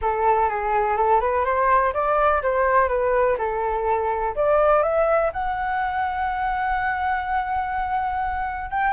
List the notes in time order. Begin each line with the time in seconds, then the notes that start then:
0.01 A4
0.49 G#4
0.97 A4
1.20 B4
1.44 C5
1.93 D5
2.42 C5
2.88 B4
3.38 A4
4.35 D5
4.83 E5
5.32 F#5
8.70 G5